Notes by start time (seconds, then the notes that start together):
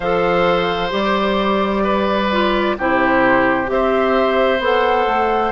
0.00 F3 A4 C5 F5
0.89 G3 G4 D5
1.83 B4
2.31 F4
2.78 C3 E4 G4 C5
3.66 C4 G4 E5
3.72 C5
4.59 B3 A4 F#5
5.06 A3